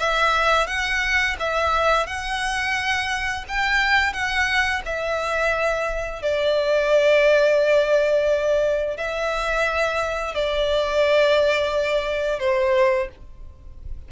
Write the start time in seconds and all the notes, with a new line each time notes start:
0.00 E5
0.67 F#5
1.40 E5
2.07 F#5
3.49 G5
4.13 F#5
4.86 E5
6.23 D5
8.97 E5
10.35 D5
12.40 C5